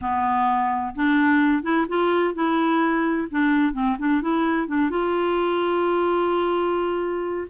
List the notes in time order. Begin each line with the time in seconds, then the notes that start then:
0.01 B3
0.95 D4
1.62 E4
1.88 F4
2.34 E4
3.30 D4
3.73 C4
3.98 D4
4.21 E4
4.67 D4
4.90 F4